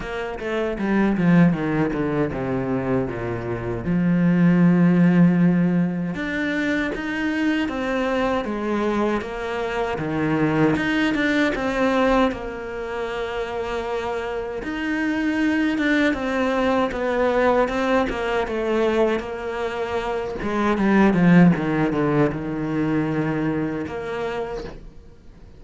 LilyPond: \new Staff \with { instrumentName = "cello" } { \time 4/4 \tempo 4 = 78 ais8 a8 g8 f8 dis8 d8 c4 | ais,4 f2. | d'4 dis'4 c'4 gis4 | ais4 dis4 dis'8 d'8 c'4 |
ais2. dis'4~ | dis'8 d'8 c'4 b4 c'8 ais8 | a4 ais4. gis8 g8 f8 | dis8 d8 dis2 ais4 | }